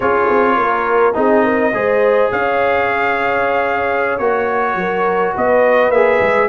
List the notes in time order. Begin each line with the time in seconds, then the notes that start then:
0.00 C#4 F4 G#4 C#5
0.29 C4
0.56 A#3 A#4
1.13 C4 D#4 G#4 D#5
1.44 A#4
1.73 G#3 G#4 C5
2.31 C#4 C#5 F5
4.17 A#3 F#4 C#5
4.75 F#3 A#4
5.34 B3 B4 D#5
5.89 A#3 G#4 E5
6.20 G#3